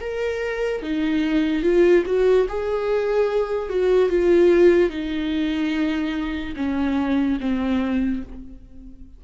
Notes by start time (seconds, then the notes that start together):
0.00 A#4
0.82 D#4
1.63 F4
2.06 F#4
2.48 G#4
3.69 F#4
4.09 F4
4.90 D#4
6.56 C#4
7.40 C4